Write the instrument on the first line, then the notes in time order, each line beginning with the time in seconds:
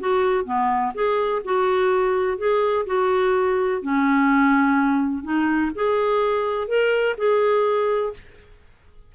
clarinet
0.00 F#4
0.44 B3
0.94 G#4
1.45 F#4
2.38 G#4
2.86 F#4
3.82 C#4
5.23 D#4
5.75 G#4
6.68 A#4
7.17 G#4